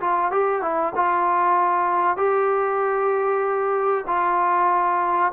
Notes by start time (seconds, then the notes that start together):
0.00 F4
0.31 G4
0.61 E4
0.95 F4
2.16 G4
4.07 F4